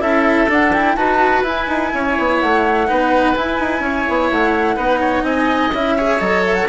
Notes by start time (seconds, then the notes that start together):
0.00 C#4 E4 A4 E5
0.48 D4 F#5
0.73 E4 G5
0.96 D#4 F#4 B4 A5
1.43 E4 G#5
1.68 D#4
1.94 C#4 C#5
2.19 B3
2.40 A3 F#5
2.87 B3 D#4 B4
3.35 E4 G#5
3.60 D#4
3.80 C#4 C#5
4.09 B3
4.31 A3 F#5
4.76 B3 D#4 B4
5.01 C#5
5.23 C4 D#5 G#5
5.73 C#4 E4 E5
5.97 G#4 C#5
6.19 F#3 A4 D#5
6.45 E5
6.54 F#5